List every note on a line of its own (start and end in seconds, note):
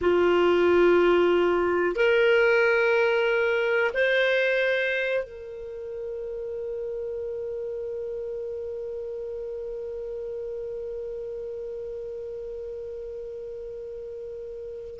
0.01 1.95 F4
1.95 3.91 A#4
3.94 5.23 C5
5.23 14.99 A#4